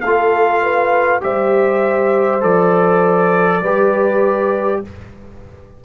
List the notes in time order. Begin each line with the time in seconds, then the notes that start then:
0.00 A3 F4 A4 F5
0.62 B4
1.20 G3 G4 C5 E5
2.40 F3 A4 D5
3.61 G3 G4 B4